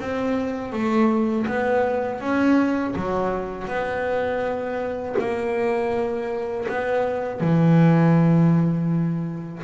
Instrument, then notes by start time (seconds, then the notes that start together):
double bass
0.00 C4
0.72 A3
1.47 B3
2.21 C#4
2.96 F#3
3.68 B3
5.19 A#3
6.68 B3
7.40 E3